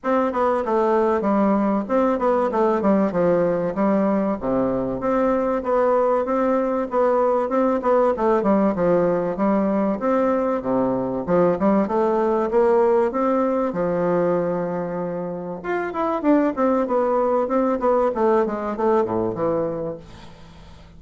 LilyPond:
\new Staff \with { instrumentName = "bassoon" } { \time 4/4 \tempo 4 = 96 c'8 b8 a4 g4 c'8 b8 | a8 g8 f4 g4 c4 | c'4 b4 c'4 b4 | c'8 b8 a8 g8 f4 g4 |
c'4 c4 f8 g8 a4 | ais4 c'4 f2~ | f4 f'8 e'8 d'8 c'8 b4 | c'8 b8 a8 gis8 a8 a,8 e4 | }